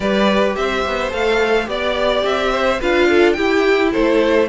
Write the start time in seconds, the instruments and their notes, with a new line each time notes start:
0.00 cello G3, viola G4, violin B4 D5
0.55 cello C4, violin C5 E5
0.86 cello B3
1.10 cello A3, viola A4, violin F5
1.65 cello B3, viola G4, violin D5
2.24 cello C4, violin E5
2.51 violin C5
2.79 cello D4, viola F4, violin B4 F5
3.08 violin A4
3.33 viola E4, cello E4, violin G4 G5
3.92 cello A3, violin A4 C5